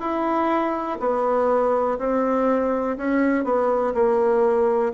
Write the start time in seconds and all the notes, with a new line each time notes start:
0.00 E4
1.00 B3
1.98 C4
2.97 C#4
3.44 B3
3.94 A#3